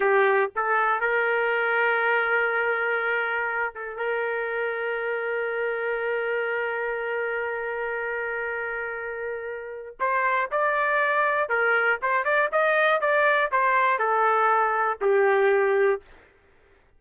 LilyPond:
\new Staff \with { instrumentName = "trumpet" } { \time 4/4 \tempo 4 = 120 g'4 a'4 ais'2~ | ais'2.~ ais'8 a'8 | ais'1~ | ais'1~ |
ais'1 | c''4 d''2 ais'4 | c''8 d''8 dis''4 d''4 c''4 | a'2 g'2 | }